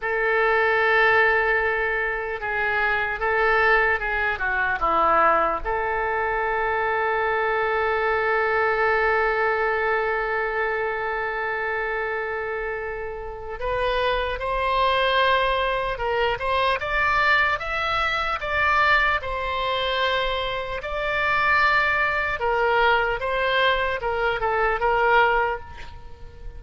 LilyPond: \new Staff \with { instrumentName = "oboe" } { \time 4/4 \tempo 4 = 75 a'2. gis'4 | a'4 gis'8 fis'8 e'4 a'4~ | a'1~ | a'1~ |
a'4 b'4 c''2 | ais'8 c''8 d''4 e''4 d''4 | c''2 d''2 | ais'4 c''4 ais'8 a'8 ais'4 | }